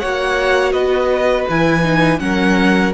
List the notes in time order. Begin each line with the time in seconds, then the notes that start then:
0.00 A#3 F#4 C#5 F#5
0.73 B3 B4 D#5
1.50 E3 E4 G#5
1.84 D#4
2.19 F#3 C#4 A#4 F#5